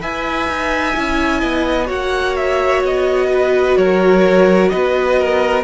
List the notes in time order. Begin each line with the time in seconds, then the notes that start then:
0.00 E4 B4 E5 G#5
0.48 D#4
0.95 C#4 E4
1.40 B3 D#5
1.86 A#3 F#4 C#5 F#5
2.36 E5
2.83 B3 D#5
3.32 B4
3.77 F#3 A#4 C#5
4.69 B3 B4 D#5
5.19 A#4